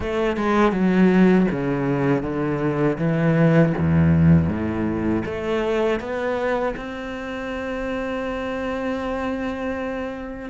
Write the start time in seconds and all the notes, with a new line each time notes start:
0.00 A3
0.36 G#3
0.71 F#3
1.51 C#3
2.22 D3
2.98 E3
3.78 E2
4.48 A2
5.25 A3
6.00 B3
6.76 C4